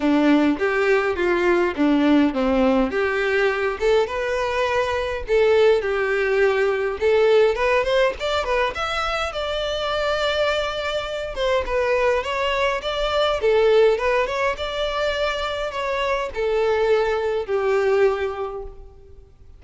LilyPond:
\new Staff \with { instrumentName = "violin" } { \time 4/4 \tempo 4 = 103 d'4 g'4 f'4 d'4 | c'4 g'4. a'8 b'4~ | b'4 a'4 g'2 | a'4 b'8 c''8 d''8 b'8 e''4 |
d''2.~ d''8 c''8 | b'4 cis''4 d''4 a'4 | b'8 cis''8 d''2 cis''4 | a'2 g'2 | }